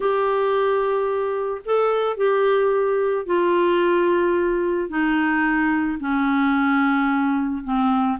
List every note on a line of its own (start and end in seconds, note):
0.00 1.61 G4
1.65 2.16 A4
2.16 3.26 G4
3.26 4.89 F4
4.89 5.98 D#4
6.00 7.63 C#4
7.64 8.18 C4